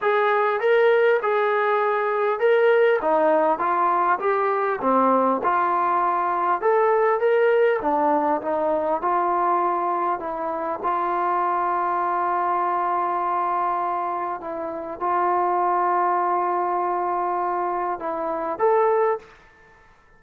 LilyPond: \new Staff \with { instrumentName = "trombone" } { \time 4/4 \tempo 4 = 100 gis'4 ais'4 gis'2 | ais'4 dis'4 f'4 g'4 | c'4 f'2 a'4 | ais'4 d'4 dis'4 f'4~ |
f'4 e'4 f'2~ | f'1 | e'4 f'2.~ | f'2 e'4 a'4 | }